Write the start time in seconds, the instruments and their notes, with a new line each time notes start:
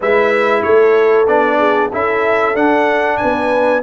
0.00 tuba G#3, trombone E4, horn B4, trumpet E5
0.62 tuba A3, horn A4, trumpet C#5
1.26 tuba B3, trombone D4, trumpet D5
1.58 horn G#4
1.91 tuba C#4, trombone E4, horn A4, trumpet E5
2.54 tuba D4, trombone D4, trumpet F#5
3.17 horn B4, trumpet G#5
3.23 tuba B3